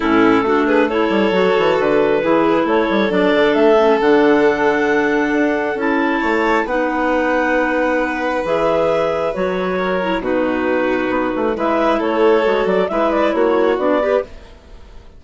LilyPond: <<
  \new Staff \with { instrumentName = "clarinet" } { \time 4/4 \tempo 4 = 135 a'4. b'8 cis''2 | b'2 cis''4 d''4 | e''4 fis''2.~ | fis''4 a''2 fis''4~ |
fis''2. e''4~ | e''4 cis''2 b'4~ | b'2 e''4 cis''4~ | cis''8 d''8 e''8 d''8 cis''4 d''4 | }
  \new Staff \with { instrumentName = "violin" } { \time 4/4 e'4 fis'8 gis'8 a'2~ | a'4 gis'4 a'2~ | a'1~ | a'2 cis''4 b'4~ |
b'1~ | b'2 ais'4 fis'4~ | fis'2 b'4 a'4~ | a'4 b'4 fis'4. b'8 | }
  \new Staff \with { instrumentName = "clarinet" } { \time 4/4 cis'4 d'4 e'4 fis'4~ | fis'4 e'2 d'4~ | d'8 cis'8 d'2.~ | d'4 e'2 dis'4~ |
dis'2. gis'4~ | gis'4 fis'4. e'8 dis'4~ | dis'2 e'2 | fis'4 e'2 d'8 g'8 | }
  \new Staff \with { instrumentName = "bassoon" } { \time 4/4 a,4 a4. g8 fis8 e8 | d4 e4 a8 g8 fis8 d8 | a4 d2. | d'4 cis'4 a4 b4~ |
b2. e4~ | e4 fis2 b,4~ | b,4 b8 a8 gis4 a4 | gis8 fis8 gis4 ais4 b4 | }
>>